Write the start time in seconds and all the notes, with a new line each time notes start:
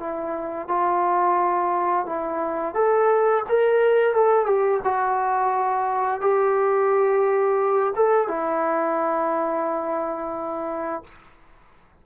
0.00 E4
0.68 F4
2.07 E4
2.75 A4
3.49 A#4
4.14 A4
4.46 G4
4.84 F#4
6.21 G4
7.96 A4
8.28 E4